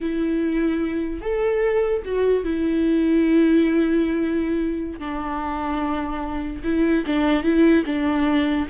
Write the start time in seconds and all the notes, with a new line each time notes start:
0.00 E4
1.21 A4
2.04 F#4
2.44 E4
4.99 D4
6.63 E4
7.06 D4
7.43 E4
7.85 D4